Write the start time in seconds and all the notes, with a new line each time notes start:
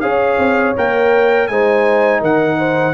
0.00 C#4 G#4 C#5 F5
0.38 C4
0.76 A#3 A#4 G5
1.47 G#3 D#4 C5 G#5
2.20 D#3 A#4 F#5
2.58 C5